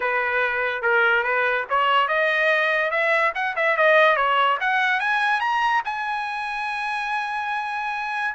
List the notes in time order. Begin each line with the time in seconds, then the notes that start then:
0.00 B4
0.82 A#4
1.23 B4
1.69 C#5
2.08 D#5
2.91 E5
3.34 F#5
3.55 E5
3.76 D#5
4.16 C#5
4.60 F#5
5.00 G#5
5.40 A#5
5.84 G#5